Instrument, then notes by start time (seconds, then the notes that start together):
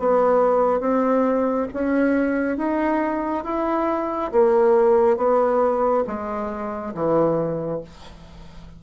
bassoon
0.00 B3
0.81 C4
1.74 C#4
2.58 D#4
3.45 E4
4.32 A#3
5.17 B3
6.07 G#3
6.94 E3